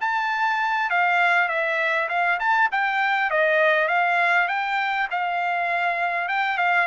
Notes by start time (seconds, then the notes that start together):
0.00 A5
0.90 F5
1.48 E5
2.08 F5
2.39 A5
2.71 G5
3.30 D#5
3.88 F5
4.48 G5
5.11 F5
6.28 G5
6.57 F5